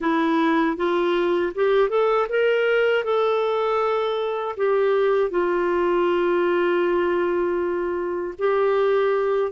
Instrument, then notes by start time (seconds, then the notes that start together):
clarinet
0.00 E4
0.77 F4
1.54 G4
1.89 A4
2.29 A#4
3.03 A4
4.56 G4
5.30 F4
8.38 G4